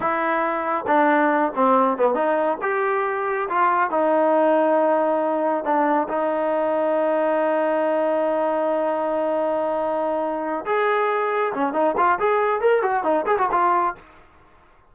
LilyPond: \new Staff \with { instrumentName = "trombone" } { \time 4/4 \tempo 4 = 138 e'2 d'4. c'8~ | c'8 b8 dis'4 g'2 | f'4 dis'2.~ | dis'4 d'4 dis'2~ |
dis'1~ | dis'1~ | dis'8 gis'2 cis'8 dis'8 f'8 | gis'4 ais'8 fis'8 dis'8 gis'16 fis'16 f'4 | }